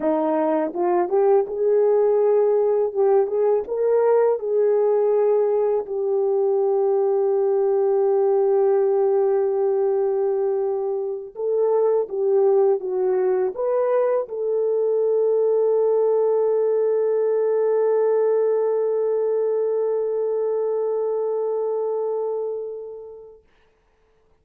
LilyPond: \new Staff \with { instrumentName = "horn" } { \time 4/4 \tempo 4 = 82 dis'4 f'8 g'8 gis'2 | g'8 gis'8 ais'4 gis'2 | g'1~ | g'2.~ g'8 a'8~ |
a'8 g'4 fis'4 b'4 a'8~ | a'1~ | a'1~ | a'1 | }